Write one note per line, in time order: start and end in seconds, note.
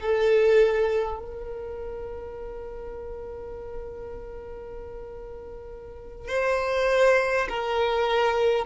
0.00 1.19 A4
1.19 6.27 A#4
6.27 7.47 C5
7.49 8.66 A#4